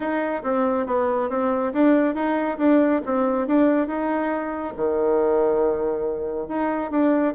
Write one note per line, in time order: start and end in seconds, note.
0.00 0.42 D#4
0.43 0.86 C4
0.86 1.29 B3
1.29 1.72 C4
1.73 2.14 D4
2.14 2.57 D#4
2.57 3.01 D4
3.05 3.47 C4
3.47 3.87 D4
3.87 4.73 D#4
4.76 6.47 D#3
6.47 6.90 D#4
6.90 7.33 D4